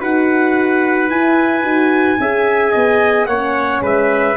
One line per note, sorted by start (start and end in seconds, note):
0.00 1.10 D#4
0.00 1.09 F#4
0.00 2.19 B4
0.00 1.10 F#5
1.10 1.63 E4
1.10 1.64 E4
1.10 3.26 G#5
1.63 2.18 D#4
1.63 2.18 F#4
2.20 2.74 C#4
2.20 3.30 G#4
2.20 2.72 E5
2.72 3.27 B3
2.72 3.26 D#5
3.26 3.81 A#3
3.26 4.37 C#4
3.26 3.82 C#5
3.26 3.81 F#5
3.82 4.36 G#3
3.82 4.37 B4
3.82 4.37 E5